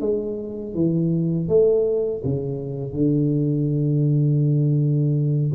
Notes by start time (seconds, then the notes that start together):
0.00 G#3
0.74 E3
1.48 A3
2.24 C#3
2.92 D3